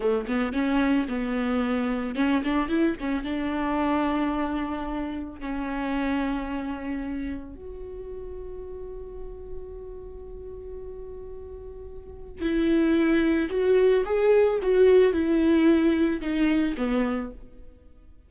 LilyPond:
\new Staff \with { instrumentName = "viola" } { \time 4/4 \tempo 4 = 111 a8 b8 cis'4 b2 | cis'8 d'8 e'8 cis'8 d'2~ | d'2 cis'2~ | cis'2 fis'2~ |
fis'1~ | fis'2. e'4~ | e'4 fis'4 gis'4 fis'4 | e'2 dis'4 b4 | }